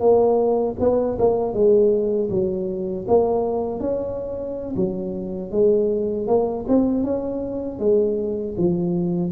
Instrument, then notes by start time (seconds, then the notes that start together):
tuba
0.00 A#3
0.80 B3
1.19 A#3
1.54 G#3
2.30 F#3
3.08 A#3
3.80 C#4
4.76 F#3
5.51 G#3
6.27 A#3
6.68 C4
7.04 C#4
7.79 G#3
8.58 F3